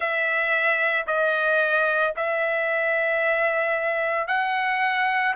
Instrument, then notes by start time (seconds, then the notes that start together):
trumpet
0.00 E5
1.07 D#5
2.16 E5
4.27 F#5